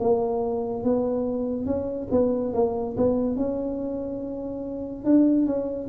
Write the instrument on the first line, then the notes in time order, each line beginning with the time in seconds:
tuba
0.00 A#3
0.84 B3
1.66 C#4
2.11 B3
2.54 A#3
2.97 B3
3.36 C#4
5.05 D4
5.46 C#4